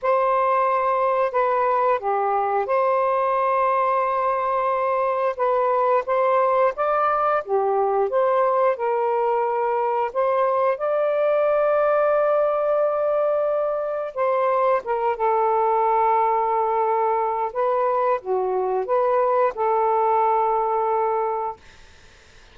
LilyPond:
\new Staff \with { instrumentName = "saxophone" } { \time 4/4 \tempo 4 = 89 c''2 b'4 g'4 | c''1 | b'4 c''4 d''4 g'4 | c''4 ais'2 c''4 |
d''1~ | d''4 c''4 ais'8 a'4.~ | a'2 b'4 fis'4 | b'4 a'2. | }